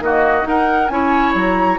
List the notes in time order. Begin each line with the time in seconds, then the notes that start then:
0.00 D#3 A#3 F#4 D#5
0.43 D#4 A#4 F#5
0.89 C#4 E4 C#5 G#5
1.35 F#3 A#5